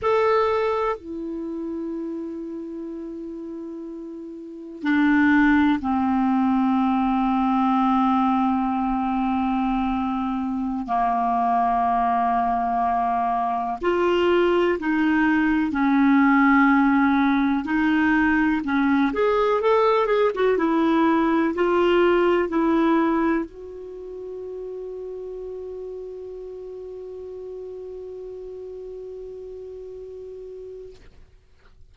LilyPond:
\new Staff \with { instrumentName = "clarinet" } { \time 4/4 \tempo 4 = 62 a'4 e'2.~ | e'4 d'4 c'2~ | c'2.~ c'16 ais8.~ | ais2~ ais16 f'4 dis'8.~ |
dis'16 cis'2 dis'4 cis'8 gis'16~ | gis'16 a'8 gis'16 fis'16 e'4 f'4 e'8.~ | e'16 fis'2.~ fis'8.~ | fis'1 | }